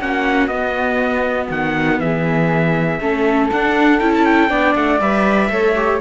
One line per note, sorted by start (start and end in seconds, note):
0.00 0.48 A#3
0.00 0.50 C#4
0.00 2.01 F#4
0.00 0.48 F#5
0.48 1.48 B3
0.48 3.01 B3
0.48 1.48 D#5
1.51 2.00 D#3
1.51 2.00 F#5
2.00 3.00 E3
2.00 3.02 G#4
2.00 3.50 E5
3.01 3.51 A3
3.01 3.51 C#4
3.01 4.50 A4
3.52 4.00 D4
3.52 4.01 D4
3.52 4.00 F#5
4.00 4.50 C#4
4.00 4.49 E4
4.00 4.12 G5
4.14 4.25 A5
4.25 4.75 G5
4.49 4.75 B3
4.49 4.99 D4
4.49 5.50 D5
4.76 5.01 A3
4.76 5.01 F#5
5.01 5.50 G3
5.01 5.50 B4
5.01 6.01 E5
5.50 6.00 A3
5.50 5.75 A4
5.50 6.01 C#5
5.76 6.01 G4